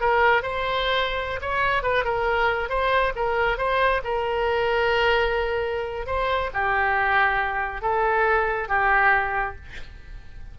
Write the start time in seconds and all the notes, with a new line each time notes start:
0.00 A#4
0.42 C5
1.41 C#5
1.83 B4
2.04 A#4
2.69 C5
3.15 A#4
3.58 C5
4.04 A#4
6.06 C5
6.53 G4
7.81 A4
8.68 G4